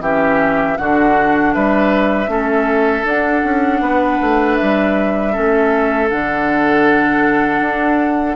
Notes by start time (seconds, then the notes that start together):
0.00 E3 C#4 G4 E5
0.77 D3 D4 F#4 F#5
1.54 G3 B4 E5
2.27 A3 C#4 A4
3.04 D4 F#5
3.44 C#4
3.80 B3 B4
4.21 A3
4.56 G3 E5
5.32 A3 C#4 A4
6.09 D3 D4 F#5
7.61 D4